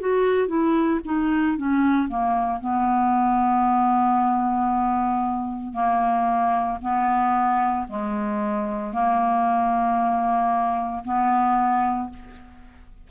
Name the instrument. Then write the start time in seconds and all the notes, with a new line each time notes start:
clarinet
0.00 F#4
0.47 E4
1.05 D#4
1.57 C#4
2.09 A#3
2.60 B3
5.73 A#3
6.81 B3
7.88 G#3
8.93 A#3
11.04 B3